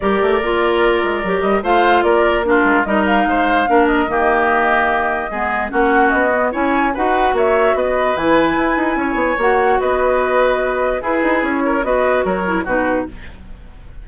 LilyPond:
<<
  \new Staff \with { instrumentName = "flute" } { \time 4/4 \tempo 4 = 147 d''2.~ d''8 dis''8 | f''4 d''4 ais'4 dis''8 f''8~ | f''4. dis''2~ dis''8~ | dis''2 fis''4 dis''4 |
gis''4 fis''4 e''4 dis''4 | gis''2. fis''4 | dis''2. b'4 | cis''4 dis''4 cis''4 b'4 | }
  \new Staff \with { instrumentName = "oboe" } { \time 4/4 ais'1 | c''4 ais'4 f'4 ais'4 | c''4 ais'4 g'2~ | g'4 gis'4 fis'2 |
cis''4 b'4 cis''4 b'4~ | b'2 cis''2 | b'2. gis'4~ | gis'8 ais'8 b'4 ais'4 fis'4 | }
  \new Staff \with { instrumentName = "clarinet" } { \time 4/4 g'4 f'2 g'4 | f'2 d'4 dis'4~ | dis'4 d'4 ais2~ | ais4 b4 cis'4. b8 |
e'4 fis'2. | e'2. fis'4~ | fis'2. e'4~ | e'4 fis'4. e'8 dis'4 | }
  \new Staff \with { instrumentName = "bassoon" } { \time 4/4 g8 a8 ais4. gis8 fis8 g8 | a4 ais4. gis8 g4 | gis4 ais4 dis2~ | dis4 gis4 ais4 b4 |
cis'4 dis'4 ais4 b4 | e4 e'8 dis'8 cis'8 b8 ais4 | b2. e'8 dis'8 | cis'4 b4 fis4 b,4 | }
>>